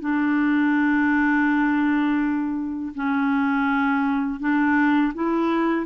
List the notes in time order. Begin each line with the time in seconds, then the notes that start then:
0.00 D4
2.95 C#4
4.40 D4
5.14 E4